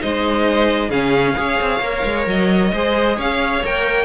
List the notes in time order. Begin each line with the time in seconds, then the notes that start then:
0.00 G#3 D#4 C5 D#5
0.89 C#3 C#4 G#4 F5
1.36 C#4 G#4 C#5
1.61 C4
1.80 A#3 A#4
2.04 G#3
2.27 F#3 D#5
2.73 G#3 G#4 C5
3.16 C#4 C#5 F5
3.64 A#3 A#4 G5